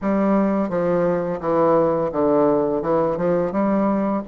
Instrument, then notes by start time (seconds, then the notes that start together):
bassoon
0.01 G3
0.69 F3
1.40 E3
2.12 D3
2.81 E3
3.17 F3
3.51 G3